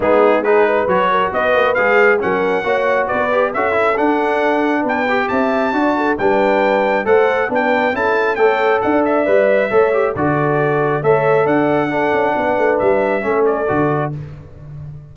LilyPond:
<<
  \new Staff \with { instrumentName = "trumpet" } { \time 4/4 \tempo 4 = 136 gis'4 b'4 cis''4 dis''4 | f''4 fis''2 d''4 | e''4 fis''2 g''4 | a''2 g''2 |
fis''4 g''4 a''4 g''4 | fis''8 e''2~ e''8 d''4~ | d''4 e''4 fis''2~ | fis''4 e''4. d''4. | }
  \new Staff \with { instrumentName = "horn" } { \time 4/4 dis'4 gis'8 b'4 ais'8 b'4~ | b'4 ais'4 cis''4 b'4 | a'2. b'4 | e''4 d''8 a'8 b'2 |
c''4 b'4 a'4 cis''4 | d''2 cis''4 a'4~ | a'4 cis''4 d''4 a'4 | b'2 a'2 | }
  \new Staff \with { instrumentName = "trombone" } { \time 4/4 b4 dis'4 fis'2 | gis'4 cis'4 fis'4. g'8 | fis'8 e'8 d'2~ d'8 g'8~ | g'4 fis'4 d'2 |
a'4 d'4 e'4 a'4~ | a'4 b'4 a'8 g'8 fis'4~ | fis'4 a'2 d'4~ | d'2 cis'4 fis'4 | }
  \new Staff \with { instrumentName = "tuba" } { \time 4/4 gis2 fis4 b8 ais8 | gis4 fis4 ais4 b4 | cis'4 d'2 b4 | c'4 d'4 g2 |
a4 b4 cis'4 a4 | d'4 g4 a4 d4~ | d4 a4 d'4. cis'8 | b8 a8 g4 a4 d4 | }
>>